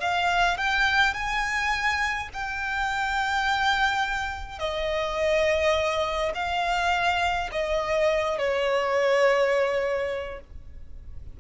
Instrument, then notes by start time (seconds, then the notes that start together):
violin
0.00 F5
0.57 G5
1.14 G#5
2.33 G5
4.59 D#5
6.34 F5
7.52 D#5
8.38 C#5